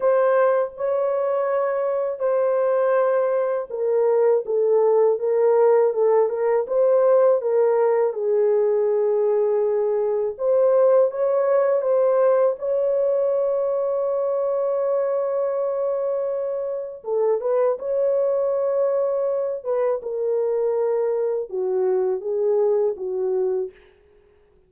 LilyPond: \new Staff \with { instrumentName = "horn" } { \time 4/4 \tempo 4 = 81 c''4 cis''2 c''4~ | c''4 ais'4 a'4 ais'4 | a'8 ais'8 c''4 ais'4 gis'4~ | gis'2 c''4 cis''4 |
c''4 cis''2.~ | cis''2. a'8 b'8 | cis''2~ cis''8 b'8 ais'4~ | ais'4 fis'4 gis'4 fis'4 | }